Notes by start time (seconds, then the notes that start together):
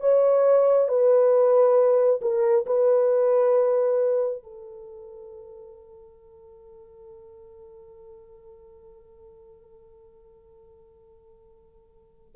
0.00 C#5
0.88 B4
2.21 A#4
2.66 B4
4.43 A4